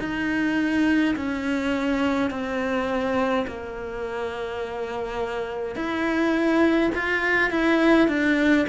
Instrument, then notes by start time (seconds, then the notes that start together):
cello
0.00 D#4
1.16 C#4
2.30 C4
3.47 A#3
5.75 E4
6.95 F4
7.51 E4
8.08 D4